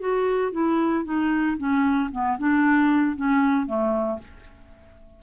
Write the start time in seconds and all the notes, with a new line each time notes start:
0.00 F#4
0.53 E4
1.05 D#4
1.58 C#4
2.12 B3
2.39 D4
3.16 C#4
3.67 A3